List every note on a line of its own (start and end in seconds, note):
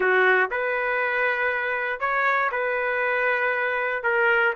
0.00 0.50 F#4
0.50 1.99 B4
1.99 2.50 C#5
2.51 4.03 B4
4.03 4.53 A#4